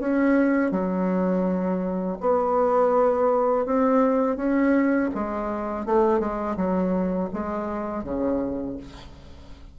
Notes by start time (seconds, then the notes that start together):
0.00 C#4
0.72 F#3
2.21 B3
3.66 C4
4.37 C#4
5.15 G#3
5.86 A3
6.20 G#3
6.57 F#3
7.34 G#3
8.04 C#3